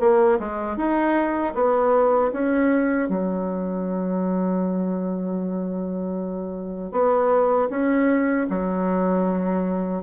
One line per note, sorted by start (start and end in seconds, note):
0.00 0.38 A#3
0.39 0.77 G#3
0.77 1.54 D#4
1.55 2.31 B3
2.33 3.08 C#4
3.08 6.92 F#3
6.92 7.69 B3
7.70 8.47 C#4
8.50 10.03 F#3